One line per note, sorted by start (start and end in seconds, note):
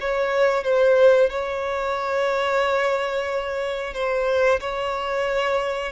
0.00 0.64 C#5
0.64 1.29 C5
1.30 3.94 C#5
3.94 4.59 C5
4.60 5.92 C#5